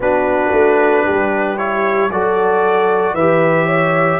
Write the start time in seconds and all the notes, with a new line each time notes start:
0.00 B3 D4 F#4 B4
0.52 A3
1.05 G3 G4
1.57 E4 C#5
2.09 F#3 F#4 A4 D5
3.13 E3 G4 B4 E5
3.66 C#5